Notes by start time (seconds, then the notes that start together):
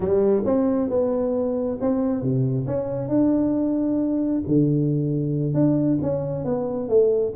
0.00 G3
0.45 C4
0.89 B3
1.80 C4
2.22 C3
2.66 C#4
3.08 D4
4.47 D3
5.54 D4
6.02 C#4
6.44 B3
6.88 A3